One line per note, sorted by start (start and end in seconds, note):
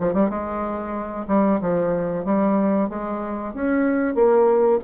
0.00 0.14 F3
0.14 0.30 G3
0.30 1.27 G#3
1.28 1.60 G3
1.61 2.25 F3
2.25 2.90 G3
2.90 3.54 G#3
3.55 4.15 C#4
4.15 4.79 A#3